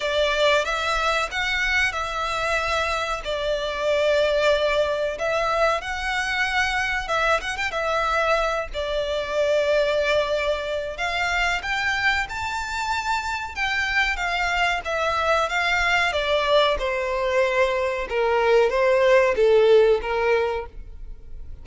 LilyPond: \new Staff \with { instrumentName = "violin" } { \time 4/4 \tempo 4 = 93 d''4 e''4 fis''4 e''4~ | e''4 d''2. | e''4 fis''2 e''8 fis''16 g''16 | e''4. d''2~ d''8~ |
d''4 f''4 g''4 a''4~ | a''4 g''4 f''4 e''4 | f''4 d''4 c''2 | ais'4 c''4 a'4 ais'4 | }